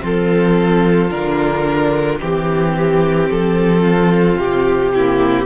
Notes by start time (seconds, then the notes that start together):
0.00 F3 C4 F4 A4
1.10 D3 D4 A#4
2.19 E3 C4 G4
3.30 F3 A4
3.82 F4
4.37 C3 G4
4.95 A#3 E4